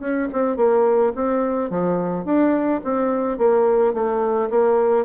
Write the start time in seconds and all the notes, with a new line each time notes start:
0.00 C#4
0.33 C4
0.57 A#3
1.16 C4
1.70 F3
2.25 D4
2.84 C4
3.38 A#3
3.94 A3
4.50 A#3